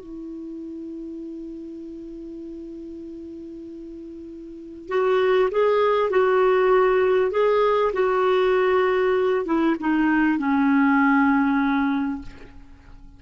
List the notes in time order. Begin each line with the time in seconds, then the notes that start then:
0.00 E4
4.89 F#4
5.52 G#4
6.11 F#4
7.32 G#4
7.93 F#4
9.46 E4
9.80 D#4
10.39 C#4